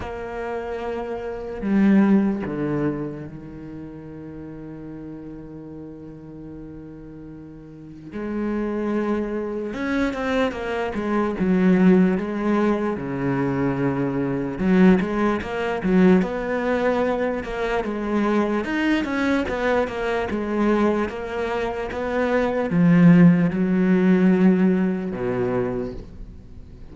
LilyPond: \new Staff \with { instrumentName = "cello" } { \time 4/4 \tempo 4 = 74 ais2 g4 d4 | dis1~ | dis2 gis2 | cis'8 c'8 ais8 gis8 fis4 gis4 |
cis2 fis8 gis8 ais8 fis8 | b4. ais8 gis4 dis'8 cis'8 | b8 ais8 gis4 ais4 b4 | f4 fis2 b,4 | }